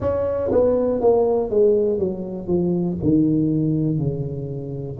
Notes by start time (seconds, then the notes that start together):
0.00 C#4
0.51 B3
1.00 A#3
1.50 G#3
1.99 F#3
2.47 F3
3.03 D#3
3.98 C#3